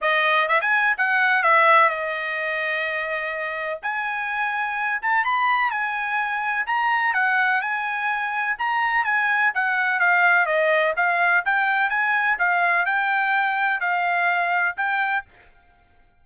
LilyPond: \new Staff \with { instrumentName = "trumpet" } { \time 4/4 \tempo 4 = 126 dis''4 e''16 gis''8. fis''4 e''4 | dis''1 | gis''2~ gis''8 a''8 b''4 | gis''2 ais''4 fis''4 |
gis''2 ais''4 gis''4 | fis''4 f''4 dis''4 f''4 | g''4 gis''4 f''4 g''4~ | g''4 f''2 g''4 | }